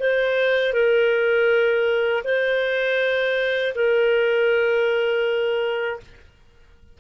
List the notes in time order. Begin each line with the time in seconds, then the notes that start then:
0.00 C5
0.74 A#4
2.24 C5
3.75 A#4